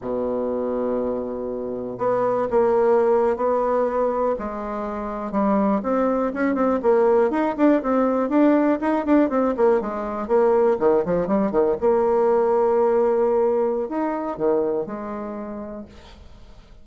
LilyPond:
\new Staff \with { instrumentName = "bassoon" } { \time 4/4 \tempo 4 = 121 b,1 | b4 ais4.~ ais16 b4~ b16~ | b8. gis2 g4 c'16~ | c'8. cis'8 c'8 ais4 dis'8 d'8 c'16~ |
c'8. d'4 dis'8 d'8 c'8 ais8 gis16~ | gis8. ais4 dis8 f8 g8 dis8 ais16~ | ais1 | dis'4 dis4 gis2 | }